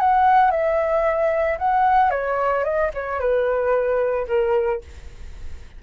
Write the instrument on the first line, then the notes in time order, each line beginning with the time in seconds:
flute
0.00 F#5
0.51 E5
1.59 F#5
2.11 C#5
2.64 D#5
2.94 C#5
3.20 B4
4.28 A#4